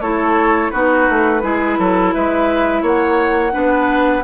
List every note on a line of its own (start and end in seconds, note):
0.00 0.71 A3
0.00 0.73 E4
0.00 0.72 A4
0.00 0.70 C#5
0.70 1.09 B3
0.70 1.42 D#4
0.70 1.42 F#4
0.70 2.12 B4
1.09 1.43 A3
1.42 1.78 G#3
1.42 3.52 E4
1.42 1.79 G#4
1.79 2.14 F#3
1.79 2.14 A4
2.13 2.82 G#3
2.13 2.82 B4
2.13 2.84 E5
2.82 3.53 A#3
2.82 3.53 C#5
2.82 4.24 F#5
3.52 4.24 B3
3.52 4.22 D4
3.52 4.24 B4